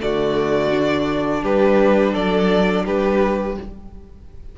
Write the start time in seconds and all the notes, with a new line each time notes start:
0.00 D3 A3 F#4 D5
0.72 D4
1.42 G3 G4 B4
2.12 F#3 A4 D5
2.85 G3 G4 B4